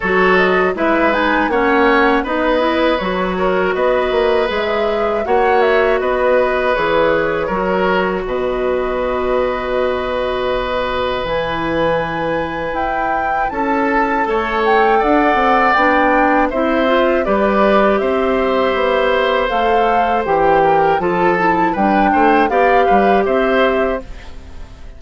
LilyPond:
<<
  \new Staff \with { instrumentName = "flute" } { \time 4/4 \tempo 4 = 80 cis''8 dis''8 e''8 gis''8 fis''4 dis''4 | cis''4 dis''4 e''4 fis''8 e''8 | dis''4 cis''2 dis''4~ | dis''2. gis''4~ |
gis''4 g''4 a''4. g''8 | fis''4 g''4 e''4 d''4 | e''2 f''4 g''4 | a''4 g''4 f''4 e''4 | }
  \new Staff \with { instrumentName = "oboe" } { \time 4/4 a'4 b'4 cis''4 b'4~ | b'8 ais'8 b'2 cis''4 | b'2 ais'4 b'4~ | b'1~ |
b'2 a'4 cis''4 | d''2 c''4 b'4 | c''2.~ c''8 ais'8 | a'4 b'8 c''8 d''8 b'8 c''4 | }
  \new Staff \with { instrumentName = "clarinet" } { \time 4/4 fis'4 e'8 dis'8 cis'4 dis'8 e'8 | fis'2 gis'4 fis'4~ | fis'4 gis'4 fis'2~ | fis'2. e'4~ |
e'2. a'4~ | a'4 d'4 e'8 f'8 g'4~ | g'2 a'4 g'4 | f'8 e'8 d'4 g'2 | }
  \new Staff \with { instrumentName = "bassoon" } { \time 4/4 fis4 gis4 ais4 b4 | fis4 b8 ais8 gis4 ais4 | b4 e4 fis4 b,4~ | b,2. e4~ |
e4 e'4 cis'4 a4 | d'8 c'8 b4 c'4 g4 | c'4 b4 a4 e4 | f4 g8 a8 b8 g8 c'4 | }
>>